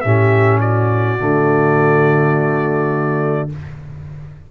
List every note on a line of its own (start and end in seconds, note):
0.00 1.20 A2
0.00 1.18 C#4
0.00 0.60 G4
0.00 0.58 E5
0.60 3.49 F#4
0.60 3.49 D5
1.18 3.51 D3
1.18 3.49 A3